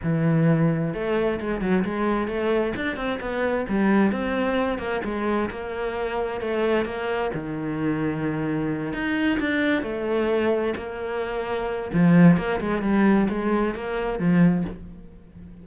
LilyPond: \new Staff \with { instrumentName = "cello" } { \time 4/4 \tempo 4 = 131 e2 a4 gis8 fis8 | gis4 a4 d'8 c'8 b4 | g4 c'4. ais8 gis4 | ais2 a4 ais4 |
dis2.~ dis8 dis'8~ | dis'8 d'4 a2 ais8~ | ais2 f4 ais8 gis8 | g4 gis4 ais4 f4 | }